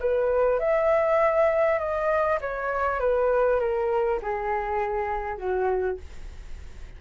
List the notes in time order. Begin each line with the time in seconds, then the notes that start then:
0.00 B4
0.59 E5
1.79 D#5
2.41 C#5
2.99 B4
3.60 A#4
4.22 G#4
5.37 F#4